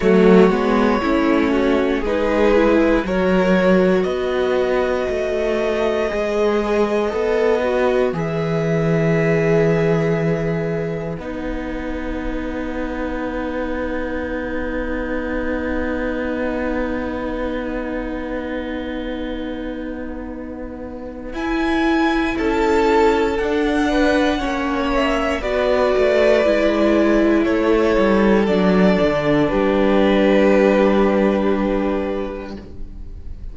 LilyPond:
<<
  \new Staff \with { instrumentName = "violin" } { \time 4/4 \tempo 4 = 59 cis''2 b'4 cis''4 | dis''1 | e''2. fis''4~ | fis''1~ |
fis''1~ | fis''4 gis''4 a''4 fis''4~ | fis''8 e''8 d''2 cis''4 | d''4 b'2. | }
  \new Staff \with { instrumentName = "violin" } { \time 4/4 fis'4 e'8 fis'8 gis'4 ais'4 | b'1~ | b'1~ | b'1~ |
b'1~ | b'2 a'4. b'8 | cis''4 b'2 a'4~ | a'4 g'2. | }
  \new Staff \with { instrumentName = "viola" } { \time 4/4 a8 b8 cis'4 dis'8 e'8 fis'4~ | fis'2 gis'4 a'8 fis'8 | gis'2. dis'4~ | dis'1~ |
dis'1~ | dis'4 e'2 d'4 | cis'4 fis'4 e'2 | d'1 | }
  \new Staff \with { instrumentName = "cello" } { \time 4/4 fis8 gis8 a4 gis4 fis4 | b4 a4 gis4 b4 | e2. b4~ | b1~ |
b1~ | b4 e'4 cis'4 d'4 | ais4 b8 a8 gis4 a8 g8 | fis8 d8 g2. | }
>>